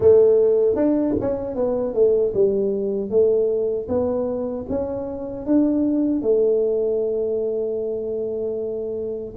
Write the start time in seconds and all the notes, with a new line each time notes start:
0.00 A3
0.75 D4
1.20 C#4
1.55 B3
1.94 A3
2.33 G3
3.10 A3
3.88 B3
4.69 C#4
5.45 D4
6.22 A3